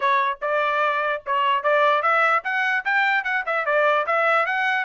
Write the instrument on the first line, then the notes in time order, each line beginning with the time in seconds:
trumpet
0.00 C#5
0.41 D5
1.26 C#5
1.63 D5
2.02 E5
2.43 F#5
2.84 G5
3.24 F#5
3.46 E5
3.65 D5
4.06 E5
4.45 F#5